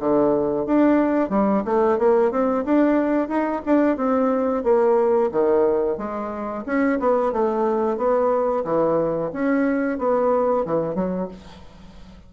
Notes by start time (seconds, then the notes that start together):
0.00 D3
0.67 D4
1.30 G3
1.65 A3
1.99 A#3
2.32 C4
2.65 D4
3.29 D#4
3.66 D4
3.97 C4
4.64 A#3
5.32 D#3
5.98 G#3
6.66 C#4
7.00 B3
7.33 A3
7.98 B3
8.65 E3
9.33 C#4
9.99 B3
10.65 E3
10.95 F#3